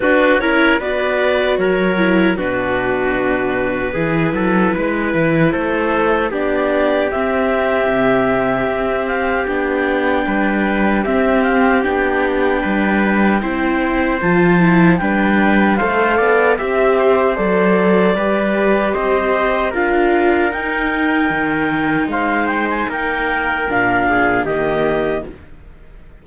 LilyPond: <<
  \new Staff \with { instrumentName = "clarinet" } { \time 4/4 \tempo 4 = 76 b'8 cis''8 d''4 cis''4 b'4~ | b'2. c''4 | d''4 e''2~ e''8 f''8 | g''2 e''8 f''8 g''4~ |
g''2 a''4 g''4 | f''4 e''4 d''2 | dis''4 f''4 g''2 | f''8 g''16 gis''16 g''4 f''4 dis''4 | }
  \new Staff \with { instrumentName = "trumpet" } { \time 4/4 fis'8 ais'8 b'4 ais'4 fis'4~ | fis'4 gis'8 a'8 b'4 a'4 | g'1~ | g'4 b'4 g'2 |
b'4 c''2 b'4 | c''8 d''8 e''8 c''4. b'4 | c''4 ais'2. | c''4 ais'4. gis'8 g'4 | }
  \new Staff \with { instrumentName = "viola" } { \time 4/4 d'8 e'8 fis'4. e'8 d'4~ | d'4 e'2. | d'4 c'2. | d'2 c'4 d'4~ |
d'4 e'4 f'8 e'8 d'4 | a'4 g'4 a'4 g'4~ | g'4 f'4 dis'2~ | dis'2 d'4 ais4 | }
  \new Staff \with { instrumentName = "cello" } { \time 4/4 d'8 cis'8 b4 fis4 b,4~ | b,4 e8 fis8 gis8 e8 a4 | b4 c'4 c4 c'4 | b4 g4 c'4 b4 |
g4 c'4 f4 g4 | a8 b8 c'4 fis4 g4 | c'4 d'4 dis'4 dis4 | gis4 ais4 ais,4 dis4 | }
>>